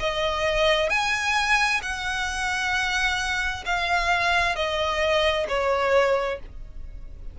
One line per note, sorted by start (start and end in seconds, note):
0.00 0.90 D#5
0.90 1.81 G#5
1.83 3.65 F#5
3.66 4.56 F5
4.56 5.47 D#5
5.49 6.40 C#5